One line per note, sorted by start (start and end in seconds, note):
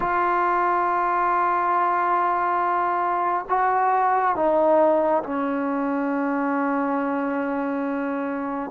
0.00 3.45 F4
3.49 4.35 F#4
4.35 5.22 D#4
5.23 8.70 C#4